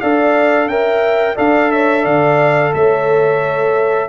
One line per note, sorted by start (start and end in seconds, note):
0.00 0.67 D4
0.00 0.70 A4
0.00 0.69 D5
0.00 0.68 F5
0.67 1.35 C#4
0.67 1.36 A#4
0.67 1.35 E5
0.67 1.36 G5
1.35 2.05 D4
1.35 4.08 A4
1.35 1.69 D5
1.35 1.71 F5
1.71 2.02 C#5
1.71 2.05 E5
2.02 2.73 D3
2.02 2.70 D5
2.02 2.73 F5
2.74 4.08 A3
2.74 4.08 C#5
2.74 4.08 E5